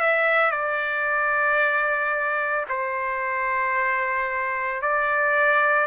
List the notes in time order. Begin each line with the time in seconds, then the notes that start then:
0.00 E5
0.51 D5
2.69 C5
4.82 D5